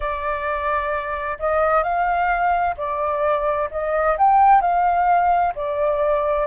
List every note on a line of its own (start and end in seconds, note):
0.00 1.38 D5
1.38 1.83 D#5
1.83 2.75 F5
2.77 3.69 D5
3.70 4.17 D#5
4.17 4.61 G5
4.61 5.53 F5
5.55 6.46 D5